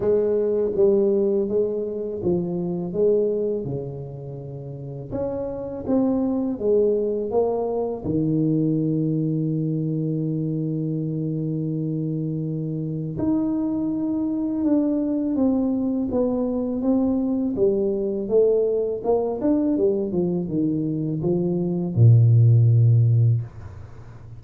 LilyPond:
\new Staff \with { instrumentName = "tuba" } { \time 4/4 \tempo 4 = 82 gis4 g4 gis4 f4 | gis4 cis2 cis'4 | c'4 gis4 ais4 dis4~ | dis1~ |
dis2 dis'2 | d'4 c'4 b4 c'4 | g4 a4 ais8 d'8 g8 f8 | dis4 f4 ais,2 | }